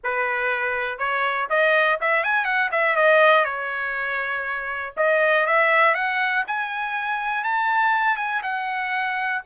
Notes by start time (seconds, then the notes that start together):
0.03 B4
0.98 C#5
1.49 D#5
2.00 E5
2.23 G#5
2.44 F#5
2.71 E5
2.95 D#5
3.44 C#5
4.97 D#5
5.46 E5
5.94 F#5
6.47 G#5
7.44 A5
8.16 G#5
8.43 F#5